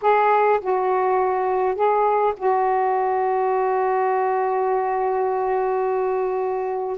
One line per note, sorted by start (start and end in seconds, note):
0.01 0.60 G#4
0.61 1.75 F#4
1.75 2.33 G#4
2.36 6.97 F#4